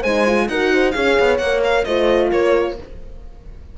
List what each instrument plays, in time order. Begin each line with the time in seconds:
0.00 cello G#3, horn C5, violin G#5
0.07 horn D#4
0.26 horn F4
0.48 cello D#4, horn F#4 A#4, violin F#5
0.72 horn C5
0.91 cello C#4, horn G#4 C#5, violin F5
1.19 cello B3
1.37 cello A#3, horn A#4, violin F#5
1.64 violin F5
1.84 cello A3, horn F4 C5, violin D#5
2.30 cello A#3, horn A#4, violin C#5